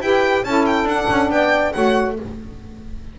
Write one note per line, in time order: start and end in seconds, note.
0.00 0.43 E4
0.00 0.44 G4
0.00 0.45 B4
0.00 0.44 G5
0.44 0.84 C#4
0.44 0.89 E4
0.44 1.31 A4
0.44 0.65 A5
0.66 0.87 G5
0.84 1.05 D4
0.84 1.30 F#5
0.90 1.73 D4
1.10 1.29 C#4
1.29 1.72 B3
1.29 1.72 D5
1.29 1.72 G5
1.72 2.19 A3
1.72 2.16 F#4
1.72 2.15 C#5
1.72 2.15 F#5